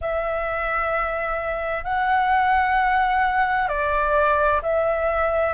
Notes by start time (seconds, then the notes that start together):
0.01 E5
1.84 F#5
3.68 D5
4.62 E5